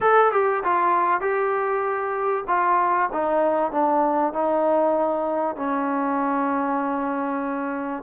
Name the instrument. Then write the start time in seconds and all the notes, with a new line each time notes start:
trombone
0.01 A4
0.32 G4
0.64 F4
1.20 G4
2.47 F4
3.12 D#4
3.71 D4
4.33 D#4
5.56 C#4